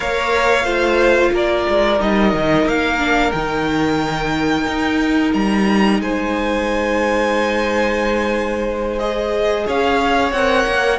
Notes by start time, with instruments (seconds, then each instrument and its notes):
0.00 cello A#3, viola A#4, violin C#5 F5
0.63 cello A3, viola F4, violin C5
1.31 cello A#3, violin A#4 D5
1.69 cello G#3
1.98 cello G3, viola D#4, violin D#5
2.33 cello D#3
2.65 cello A#3, violin F5
2.98 viola D4
3.31 cello D#3, viola D#4, violin G5
4.67 cello D#4
5.33 cello G3, violin A#5
5.99 cello G#3, violin C5 G#5
8.98 viola G#4, violin D#5
9.66 cello C#4, violin C#5 F5
10.32 cello C4, viola A#4, violin F#5
10.66 cello A#3